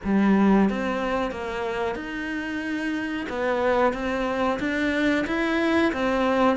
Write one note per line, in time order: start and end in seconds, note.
0.03 0.69 G3
0.69 1.31 C4
1.31 1.95 A#3
1.95 3.26 D#4
3.29 3.93 B3
3.93 4.59 C4
4.59 5.25 D4
5.26 5.92 E4
5.93 6.57 C4